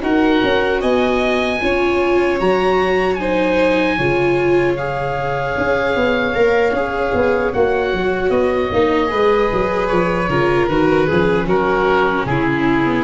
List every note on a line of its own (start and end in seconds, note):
0.00 0.41 D#4
0.00 1.58 F#4
0.00 0.80 A#4
0.00 0.82 F#5
0.43 0.82 C#4
0.80 1.61 B3
0.80 1.59 D#5
0.80 2.39 G#5
1.61 2.40 C#4
1.61 2.39 F4
1.61 3.20 C#5
2.39 3.98 F#3
2.39 3.18 F#4
2.39 3.14 A#5
3.14 3.98 D#4
3.14 3.97 C5
3.14 4.72 G#5
3.97 5.56 C#3
3.97 4.77 F4
3.97 9.10 C#5
4.76 6.34 G#4
4.76 7.53 F5
5.57 5.95 C#4
5.95 6.35 B3
6.34 6.72 A#3
6.34 6.73 A#4
6.72 7.11 C#4
6.72 7.53 G#4
7.13 7.53 B3
7.53 7.93 A#3
7.53 8.72 F#4
7.53 8.30 F#5
7.93 8.30 F#3
8.30 8.69 B3
8.30 9.87 D#5
8.72 9.12 A#3
8.72 9.06 D#4
9.06 9.51 G#3
9.06 10.25 G#4
9.06 10.29 B4
9.52 9.90 F#3
9.87 10.28 F3
9.87 10.66 C#5
10.28 10.68 C#3
10.28 10.69 F4
10.28 11.06 A#4
10.68 11.07 D#3
10.68 11.09 F#4
10.68 11.47 B4
11.06 11.46 F3
11.06 12.84 C#4
11.06 11.46 G#4
11.46 12.25 F#3
11.46 12.25 F#4
11.46 12.25 A#4
12.25 13.04 C#3
12.25 13.04 E4
12.25 13.04 G#4
12.84 13.04 B3